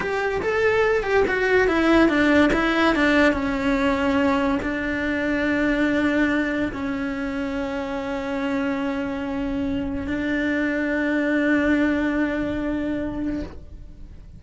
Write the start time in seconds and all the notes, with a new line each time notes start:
0.00 G4
0.42 A4
1.03 G4
1.27 F#4
1.67 E4
2.08 D4
2.53 E4
2.95 D4
3.32 C#4
4.62 D4
6.72 C#4
10.07 D4